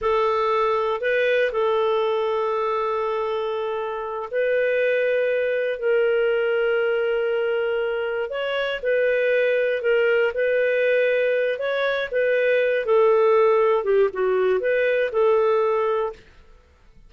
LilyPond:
\new Staff \with { instrumentName = "clarinet" } { \time 4/4 \tempo 4 = 119 a'2 b'4 a'4~ | a'1~ | a'8 b'2. ais'8~ | ais'1~ |
ais'8 cis''4 b'2 ais'8~ | ais'8 b'2~ b'8 cis''4 | b'4. a'2 g'8 | fis'4 b'4 a'2 | }